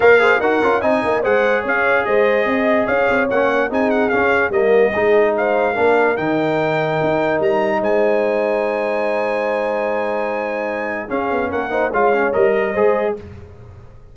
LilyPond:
<<
  \new Staff \with { instrumentName = "trumpet" } { \time 4/4 \tempo 4 = 146 f''4 fis''4 gis''4 fis''4 | f''4 dis''2 f''4 | fis''4 gis''8 fis''8 f''4 dis''4~ | dis''4 f''2 g''4~ |
g''2 ais''4 gis''4~ | gis''1~ | gis''2. f''4 | fis''4 f''4 dis''2 | }
  \new Staff \with { instrumentName = "horn" } { \time 4/4 cis''8 c''8 ais'4 dis''4 c''4 | cis''4 c''4 dis''4 cis''4~ | cis''4 gis'2 ais'4 | gis'4 c''4 ais'2~ |
ais'2. c''4~ | c''1~ | c''2. gis'4 | ais'8 c''8 cis''4. ais'8 c''4 | }
  \new Staff \with { instrumentName = "trombone" } { \time 4/4 ais'8 gis'8 fis'8 f'8 dis'4 gis'4~ | gis'1 | cis'4 dis'4 cis'4 ais4 | dis'2 d'4 dis'4~ |
dis'1~ | dis'1~ | dis'2. cis'4~ | cis'8 dis'8 f'8 cis'8 ais'4 gis'4 | }
  \new Staff \with { instrumentName = "tuba" } { \time 4/4 ais4 dis'8 cis'8 c'8 ais8 gis4 | cis'4 gis4 c'4 cis'8 c'8 | ais4 c'4 cis'4 g4 | gis2 ais4 dis4~ |
dis4 dis'4 g4 gis4~ | gis1~ | gis2. cis'8 b8 | ais4 gis4 g4 gis4 | }
>>